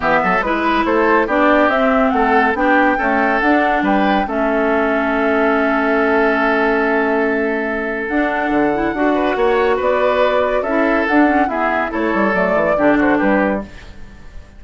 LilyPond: <<
  \new Staff \with { instrumentName = "flute" } { \time 4/4 \tempo 4 = 141 e''4 b'4 c''4 d''4 | e''4 fis''4 g''2 | fis''4 g''4 e''2~ | e''1~ |
e''2. fis''4~ | fis''2. d''4~ | d''4 e''4 fis''4 e''4 | cis''4 d''4. c''8 b'4 | }
  \new Staff \with { instrumentName = "oboe" } { \time 4/4 g'8 a'8 b'4 a'4 g'4~ | g'4 a'4 g'4 a'4~ | a'4 b'4 a'2~ | a'1~ |
a'1~ | a'4. b'8 cis''4 b'4~ | b'4 a'2 gis'4 | a'2 g'8 fis'8 g'4 | }
  \new Staff \with { instrumentName = "clarinet" } { \time 4/4 b4 e'2 d'4 | c'2 d'4 a4 | d'2 cis'2~ | cis'1~ |
cis'2. d'4~ | d'8 e'8 fis'2.~ | fis'4 e'4 d'8 cis'8 b4 | e'4 a4 d'2 | }
  \new Staff \with { instrumentName = "bassoon" } { \time 4/4 e8 fis8 gis4 a4 b4 | c'4 a4 b4 cis'4 | d'4 g4 a2~ | a1~ |
a2. d'4 | d4 d'4 ais4 b4~ | b4 cis'4 d'4 e'4 | a8 g8 fis8 e8 d4 g4 | }
>>